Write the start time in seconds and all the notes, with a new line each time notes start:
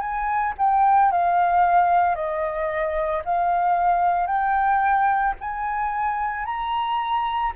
0.00 G#5
0.58 G5
1.12 F5
2.15 D#5
3.25 F5
4.27 G5
5.41 G#5
6.46 A#5